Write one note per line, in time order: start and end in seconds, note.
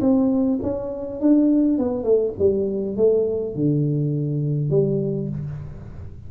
0.00 0.59 C4
0.62 1.20 C#4
1.20 1.78 D4
1.78 2.03 B3
2.03 2.33 A3
2.39 2.96 G3
2.96 3.55 A3
3.55 4.70 D3
4.70 5.29 G3